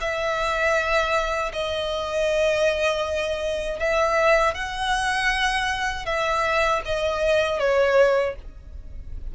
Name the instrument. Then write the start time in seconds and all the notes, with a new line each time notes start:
violin
0.00 E5
1.53 D#5
3.79 E5
4.54 F#5
6.05 E5
6.85 D#5
7.59 C#5